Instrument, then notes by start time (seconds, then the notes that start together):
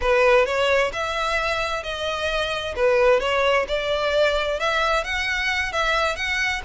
violin
0.01 B4
0.45 C#5
0.92 E5
1.83 D#5
2.75 B4
3.20 C#5
3.68 D5
4.59 E5
5.04 F#5
5.72 E5
6.16 F#5